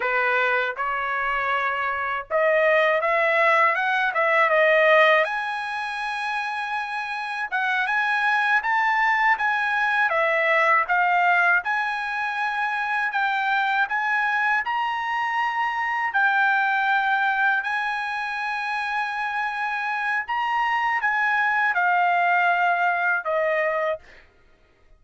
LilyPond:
\new Staff \with { instrumentName = "trumpet" } { \time 4/4 \tempo 4 = 80 b'4 cis''2 dis''4 | e''4 fis''8 e''8 dis''4 gis''4~ | gis''2 fis''8 gis''4 a''8~ | a''8 gis''4 e''4 f''4 gis''8~ |
gis''4. g''4 gis''4 ais''8~ | ais''4. g''2 gis''8~ | gis''2. ais''4 | gis''4 f''2 dis''4 | }